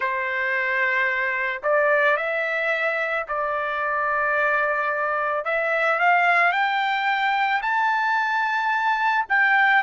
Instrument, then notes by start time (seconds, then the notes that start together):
trumpet
0.00 C5
1.62 D5
2.16 E5
3.28 D5
5.44 E5
5.99 F5
6.52 G5
7.62 A5
9.29 G5